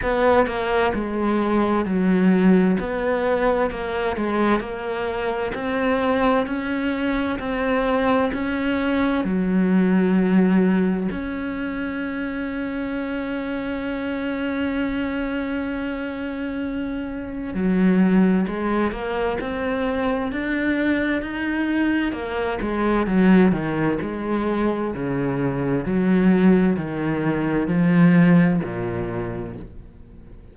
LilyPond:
\new Staff \with { instrumentName = "cello" } { \time 4/4 \tempo 4 = 65 b8 ais8 gis4 fis4 b4 | ais8 gis8 ais4 c'4 cis'4 | c'4 cis'4 fis2 | cis'1~ |
cis'2. fis4 | gis8 ais8 c'4 d'4 dis'4 | ais8 gis8 fis8 dis8 gis4 cis4 | fis4 dis4 f4 ais,4 | }